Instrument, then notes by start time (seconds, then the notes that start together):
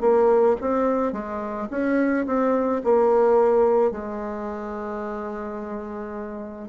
bassoon
0.00 A#3
0.61 C4
1.12 G#3
1.70 C#4
2.26 C4
2.83 A#3
3.91 G#3